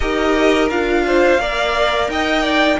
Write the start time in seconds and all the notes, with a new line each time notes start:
0.00 D#4 G4 A#4 D#5
0.69 D4 F4 F5
1.07 C5
1.38 A#3 A#4 D5
2.08 D#4 D#5 G5
2.42 D5